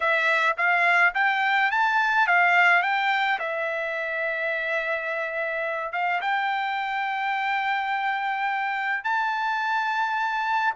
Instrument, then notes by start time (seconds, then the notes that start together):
trumpet
0.00 E5
0.57 F5
1.14 G5
1.71 A5
2.27 F5
2.82 G5
3.39 E5
5.92 F5
6.21 G5
9.04 A5